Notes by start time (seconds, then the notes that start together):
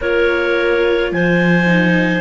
0.00 A#3 F4 A#4 C#5
1.11 F3 C5 G#5
1.66 D#4